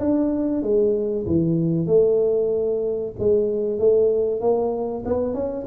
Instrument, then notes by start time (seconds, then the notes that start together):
tuba
0.00 D4
0.63 G#3
1.26 E3
1.87 A3
3.19 G#3
3.79 A3
4.41 A#3
5.06 B3
5.34 C#4